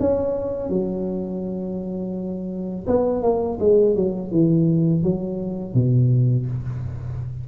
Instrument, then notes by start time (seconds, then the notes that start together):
tuba
0.00 C#4
0.70 F#3
2.88 B3
3.23 A#3
3.60 G#3
3.96 F#3
4.32 E3
5.03 F#3
5.74 B2